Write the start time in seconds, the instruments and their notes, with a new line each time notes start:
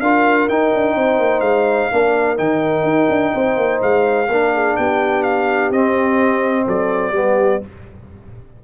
0.00 tuba D4, trombone F4, horn A#4, trumpet F5
0.48 tuba D#4, trombone D#4, trumpet G5
0.74 tuba D4
0.95 tuba C4, horn C5
1.18 tuba A#3
1.40 tuba G#3, trumpet F5
1.91 tuba A#3, trombone D4, horn A#4
2.36 tuba D#3, trombone D#4, trumpet G5
2.83 tuba D#4
3.09 tuba D4
3.33 tuba C4, horn C5
3.56 tuba A#3
3.82 tuba G#3, trumpet F5
4.28 tuba A#3, trombone D4, horn A#4
4.53 horn G#4
4.76 tuba B3, horn G4, trumpet G5
5.22 trumpet F5
5.70 tuba C4, trombone C4, trumpet D#5
6.65 tuba F#3, horn A4, trumpet D5
7.11 tuba G3, trombone B3, horn G4